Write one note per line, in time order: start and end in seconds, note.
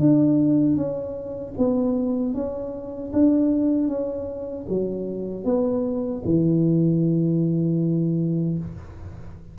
0.00 0.77 D4
0.77 1.54 C#4
1.58 2.34 B3
2.34 3.12 C#4
3.13 3.89 D4
3.89 4.66 C#4
4.69 5.45 F#3
5.45 6.23 B3
6.25 8.59 E3